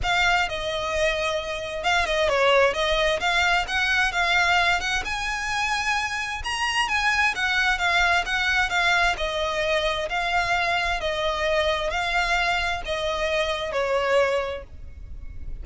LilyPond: \new Staff \with { instrumentName = "violin" } { \time 4/4 \tempo 4 = 131 f''4 dis''2. | f''8 dis''8 cis''4 dis''4 f''4 | fis''4 f''4. fis''8 gis''4~ | gis''2 ais''4 gis''4 |
fis''4 f''4 fis''4 f''4 | dis''2 f''2 | dis''2 f''2 | dis''2 cis''2 | }